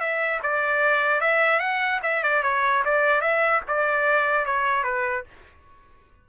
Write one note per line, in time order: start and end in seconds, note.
0.00 0.40 E5
0.43 1.21 D5
1.21 1.60 E5
1.60 2.00 F#5
2.03 2.23 E5
2.23 2.43 D5
2.43 2.83 C#5
2.85 3.21 D5
3.21 3.61 E5
3.68 4.46 D5
4.46 4.84 C#5
4.84 5.24 B4